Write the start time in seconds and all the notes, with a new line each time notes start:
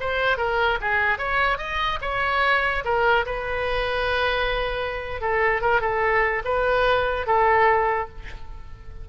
0.00 C5
0.37 A#4
0.81 G#4
1.18 C#5
1.58 D#5
2.01 C#5
2.84 A#4
3.25 B4
5.21 A4
5.61 A#4
5.81 A4
6.44 B4
7.26 A4